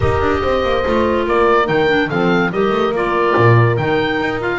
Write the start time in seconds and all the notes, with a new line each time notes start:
0.00 D#4 G4 A#4 D#5
0.21 D4
0.43 C4 C5
0.63 A#3
0.85 A3 F4
1.26 A#3 A#4 D5
1.64 D#3 D#4 G5
1.87 D4
2.08 F3 C4 A4 F5
2.51 G3 G4 A#4 D#5
2.70 A3
2.91 A#3 F4 D5
3.36 A#2
3.76 D#3 D#4 G5
4.19 D#4
4.39 F4 F5